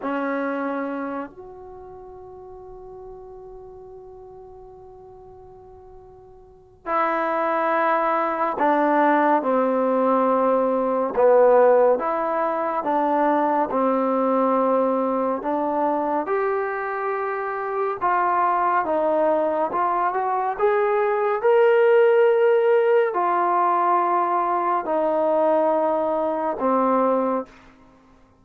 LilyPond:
\new Staff \with { instrumentName = "trombone" } { \time 4/4 \tempo 4 = 70 cis'4. fis'2~ fis'8~ | fis'1 | e'2 d'4 c'4~ | c'4 b4 e'4 d'4 |
c'2 d'4 g'4~ | g'4 f'4 dis'4 f'8 fis'8 | gis'4 ais'2 f'4~ | f'4 dis'2 c'4 | }